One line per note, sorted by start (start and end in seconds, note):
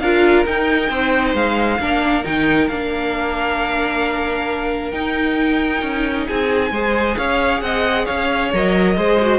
0.00 0.45 D4
0.00 0.45 F4
0.00 0.90 A#4
0.00 0.45 F5
0.45 1.80 D#4
0.45 0.90 D#4
0.45 1.35 G5
0.90 1.34 C4
0.90 1.79 C5
1.34 1.79 G#3
1.34 2.24 F5
1.79 2.24 A#3
1.79 2.24 D4
1.79 6.27 A#4
2.24 2.69 D#3
2.24 2.68 D#4
2.24 2.68 G5
2.68 4.92 A#3
2.68 4.93 D4
2.68 4.91 F5
4.91 5.82 D#4
4.91 6.72 D#4
4.91 6.25 G5
5.82 6.27 C#4
6.27 6.71 C4
6.27 6.72 G#4
6.27 7.17 G#5
6.71 7.16 G#3
6.71 8.53 G#4
6.71 7.17 C5
7.17 7.62 C#4
7.17 7.62 C#5
7.17 7.61 F5
7.61 8.06 C4
7.61 8.05 D#5
7.61 8.06 F#5
8.05 8.53 C#4
8.05 8.94 C#5
8.05 8.51 F5
8.53 8.97 F#3
8.53 8.97 A#4
8.53 9.39 D#5
8.97 9.39 G#3
8.97 9.20 G#4
8.97 9.39 C5
9.22 9.39 F#4